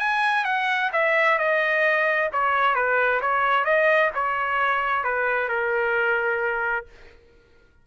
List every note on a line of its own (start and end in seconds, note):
0.00 0.45 G#5
0.45 0.91 F#5
0.93 1.39 E5
1.39 2.30 D#5
2.33 2.75 C#5
2.75 3.21 B4
3.21 3.65 C#5
3.65 4.11 D#5
4.15 5.04 C#5
5.04 5.49 B4
5.49 6.86 A#4